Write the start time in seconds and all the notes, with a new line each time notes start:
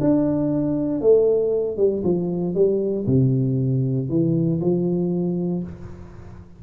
0.00 D4
1.00 A3
1.76 G3
2.03 F3
2.54 G3
3.06 C3
4.09 E3
4.60 F3